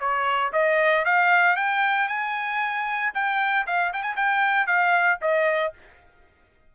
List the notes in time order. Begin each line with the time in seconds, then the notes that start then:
0.00 C#5
0.53 D#5
1.05 F5
1.56 G5
2.08 G#5
3.14 G5
3.67 F5
3.93 G5
4.03 G#5
4.16 G5
4.67 F5
5.22 D#5